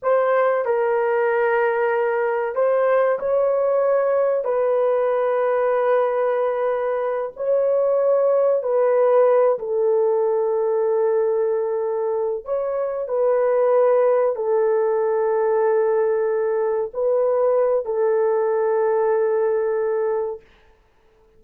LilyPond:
\new Staff \with { instrumentName = "horn" } { \time 4/4 \tempo 4 = 94 c''4 ais'2. | c''4 cis''2 b'4~ | b'2.~ b'8 cis''8~ | cis''4. b'4. a'4~ |
a'2.~ a'8 cis''8~ | cis''8 b'2 a'4.~ | a'2~ a'8 b'4. | a'1 | }